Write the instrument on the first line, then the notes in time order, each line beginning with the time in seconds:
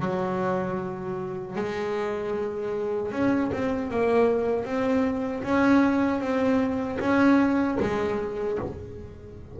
double bass
0.00 F#3
1.56 G#3
3.12 C#4
3.53 C4
3.91 A#3
4.65 C4
5.43 C#4
6.21 C4
7.00 C#4
7.80 G#3